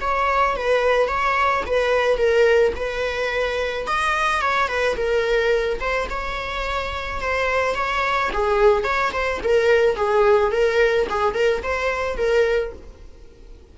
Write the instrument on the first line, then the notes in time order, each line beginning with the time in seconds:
viola
0.00 C#5
0.56 B4
1.07 C#5
1.66 B4
2.17 A#4
2.75 B4
3.87 D#5
4.41 C#5
4.68 B4
4.96 A#4
5.80 C5
6.10 C#5
7.20 C5
7.74 C#5
8.33 G#4
8.84 C#5
9.12 C5
9.43 A#4
9.95 G#4
10.51 A#4
11.09 G#4
11.34 A#4
11.63 C5
12.16 A#4